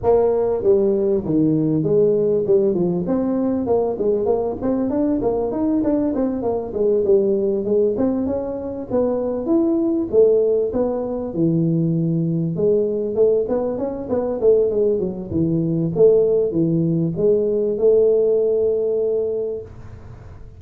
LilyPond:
\new Staff \with { instrumentName = "tuba" } { \time 4/4 \tempo 4 = 98 ais4 g4 dis4 gis4 | g8 f8 c'4 ais8 gis8 ais8 c'8 | d'8 ais8 dis'8 d'8 c'8 ais8 gis8 g8~ | g8 gis8 c'8 cis'4 b4 e'8~ |
e'8 a4 b4 e4.~ | e8 gis4 a8 b8 cis'8 b8 a8 | gis8 fis8 e4 a4 e4 | gis4 a2. | }